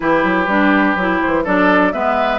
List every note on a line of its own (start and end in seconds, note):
0.00 0.23 E3
0.00 0.47 E4
0.00 1.43 G4
0.00 1.20 B4
0.23 0.47 F#3
0.47 0.95 G3
0.47 0.97 D4
0.95 1.20 F#3
0.95 1.45 E4
1.21 1.46 E3
1.21 1.45 C5
1.43 1.93 F#3
1.43 1.93 D4
1.43 1.92 A4
1.43 1.92 D5
1.92 2.39 G#3
1.92 2.39 B3
1.92 2.39 B4
1.92 2.39 E5